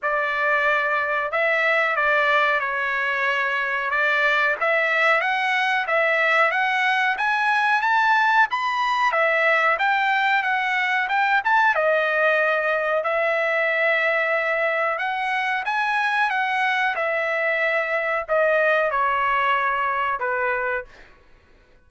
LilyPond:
\new Staff \with { instrumentName = "trumpet" } { \time 4/4 \tempo 4 = 92 d''2 e''4 d''4 | cis''2 d''4 e''4 | fis''4 e''4 fis''4 gis''4 | a''4 b''4 e''4 g''4 |
fis''4 g''8 a''8 dis''2 | e''2. fis''4 | gis''4 fis''4 e''2 | dis''4 cis''2 b'4 | }